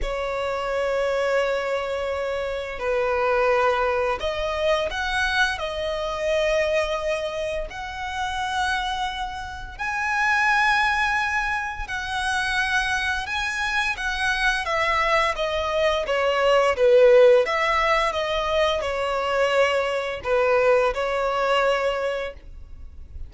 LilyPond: \new Staff \with { instrumentName = "violin" } { \time 4/4 \tempo 4 = 86 cis''1 | b'2 dis''4 fis''4 | dis''2. fis''4~ | fis''2 gis''2~ |
gis''4 fis''2 gis''4 | fis''4 e''4 dis''4 cis''4 | b'4 e''4 dis''4 cis''4~ | cis''4 b'4 cis''2 | }